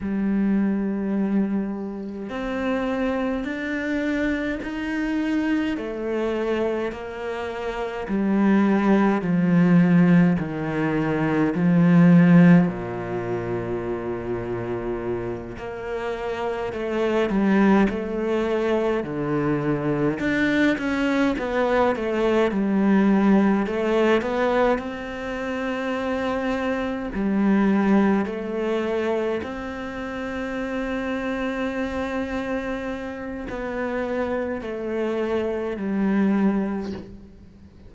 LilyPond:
\new Staff \with { instrumentName = "cello" } { \time 4/4 \tempo 4 = 52 g2 c'4 d'4 | dis'4 a4 ais4 g4 | f4 dis4 f4 ais,4~ | ais,4. ais4 a8 g8 a8~ |
a8 d4 d'8 cis'8 b8 a8 g8~ | g8 a8 b8 c'2 g8~ | g8 a4 c'2~ c'8~ | c'4 b4 a4 g4 | }